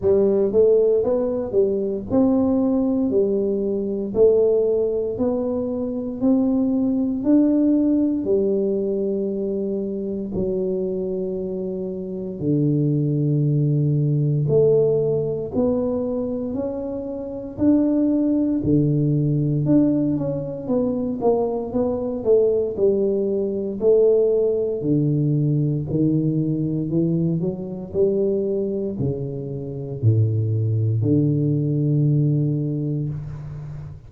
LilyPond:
\new Staff \with { instrumentName = "tuba" } { \time 4/4 \tempo 4 = 58 g8 a8 b8 g8 c'4 g4 | a4 b4 c'4 d'4 | g2 fis2 | d2 a4 b4 |
cis'4 d'4 d4 d'8 cis'8 | b8 ais8 b8 a8 g4 a4 | d4 dis4 e8 fis8 g4 | cis4 a,4 d2 | }